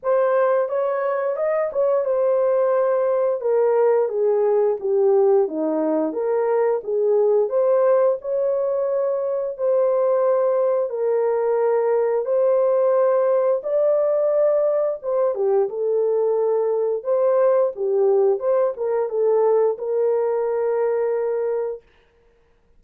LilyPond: \new Staff \with { instrumentName = "horn" } { \time 4/4 \tempo 4 = 88 c''4 cis''4 dis''8 cis''8 c''4~ | c''4 ais'4 gis'4 g'4 | dis'4 ais'4 gis'4 c''4 | cis''2 c''2 |
ais'2 c''2 | d''2 c''8 g'8 a'4~ | a'4 c''4 g'4 c''8 ais'8 | a'4 ais'2. | }